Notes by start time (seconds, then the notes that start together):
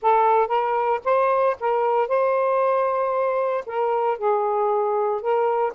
0.02 A4
0.47 A#4
1.04 C5
1.60 A#4
2.08 C5
3.65 A#4
4.18 G#4
5.21 A#4